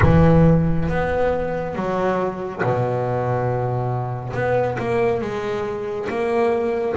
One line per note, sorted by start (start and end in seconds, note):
0.02 0.89 E3
0.89 1.75 B3
1.75 2.62 F#3
2.63 4.33 B2
4.33 4.77 B3
4.78 5.21 A#3
5.21 6.08 G#3
6.09 6.96 A#3